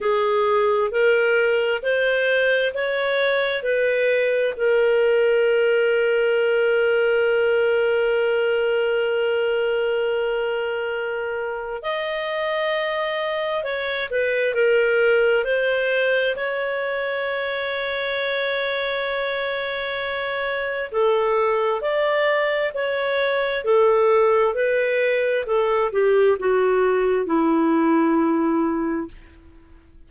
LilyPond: \new Staff \with { instrumentName = "clarinet" } { \time 4/4 \tempo 4 = 66 gis'4 ais'4 c''4 cis''4 | b'4 ais'2.~ | ais'1~ | ais'4 dis''2 cis''8 b'8 |
ais'4 c''4 cis''2~ | cis''2. a'4 | d''4 cis''4 a'4 b'4 | a'8 g'8 fis'4 e'2 | }